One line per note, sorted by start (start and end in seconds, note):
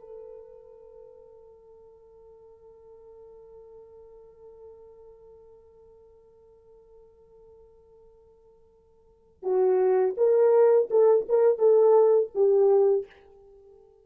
0.00 9.43 A4
9.43 10.14 F#4
10.18 10.89 A#4
10.91 11.26 A4
11.29 11.58 A#4
11.58 12.30 A4
12.35 13.06 G4